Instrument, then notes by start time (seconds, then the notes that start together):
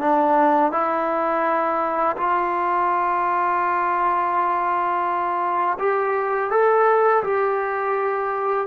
trombone
0.00 D4
0.71 E4
2.16 F4
5.79 G4
6.51 A4
7.23 G4